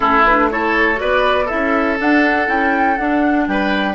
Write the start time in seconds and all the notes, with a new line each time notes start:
0.00 A3 C#4 E4 A4
0.24 D4 B4
0.50 E4 A4 C#5
0.95 F#4 B4 D5
1.02 B3
1.45 E4 A4 E5
1.52 C#4
1.97 D4 F#5
2.47 C#4 E4 G5
2.97 D4 F#5
3.47 G3 B4 G5